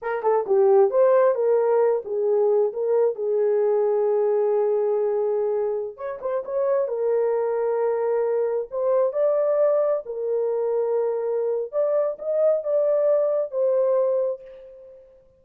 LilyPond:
\new Staff \with { instrumentName = "horn" } { \time 4/4 \tempo 4 = 133 ais'8 a'8 g'4 c''4 ais'4~ | ais'8 gis'4. ais'4 gis'4~ | gis'1~ | gis'4~ gis'16 cis''8 c''8 cis''4 ais'8.~ |
ais'2.~ ais'16 c''8.~ | c''16 d''2 ais'4.~ ais'16~ | ais'2 d''4 dis''4 | d''2 c''2 | }